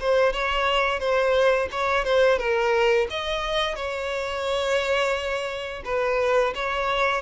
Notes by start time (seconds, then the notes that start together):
0.00 C5
0.33 C#5
0.99 C5
1.71 C#5
2.04 C5
2.38 A#4
3.10 D#5
3.76 C#5
5.85 B4
6.55 C#5